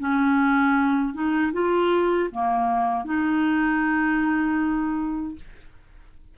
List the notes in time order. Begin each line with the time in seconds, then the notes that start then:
0.00 C#4
1.14 D#4
1.53 F4
2.32 A#3
3.05 D#4